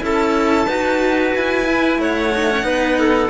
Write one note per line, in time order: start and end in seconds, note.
0.00 0.67 C#4
0.00 0.66 E4
0.00 0.68 A4
0.00 1.35 A5
0.67 1.33 D#4
0.67 1.65 F#4
0.67 2.00 B4
1.35 1.98 E4
1.35 2.01 G#5
1.65 2.31 E4
1.98 2.64 A3
1.98 2.66 C#5
1.98 3.30 F#5
2.35 2.51 D#4
2.51 2.62 C#4
2.62 3.30 B3
2.62 3.28 D#4
2.62 2.99 B4
2.99 3.30 A4